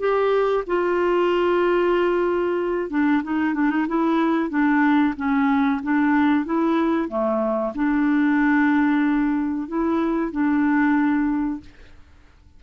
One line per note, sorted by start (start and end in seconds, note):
0.00 0.65 G4
0.67 2.90 F4
2.90 3.23 D4
3.23 3.55 D#4
3.55 3.71 D4
3.71 3.87 D#4
3.88 4.50 E4
4.50 5.14 D4
5.17 5.81 C#4
5.83 6.45 D4
6.45 7.09 E4
7.09 7.73 A3
7.75 9.68 D4
9.68 10.32 E4
10.32 11.61 D4